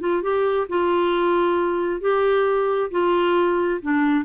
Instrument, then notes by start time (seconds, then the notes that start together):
clarinet
0.00 F4
0.22 G4
0.69 F4
2.01 G4
2.90 F4
3.82 D4